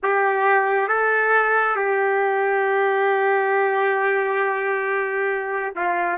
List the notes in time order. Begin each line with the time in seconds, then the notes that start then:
0.02 G4
0.87 A4
1.76 G4
5.75 F4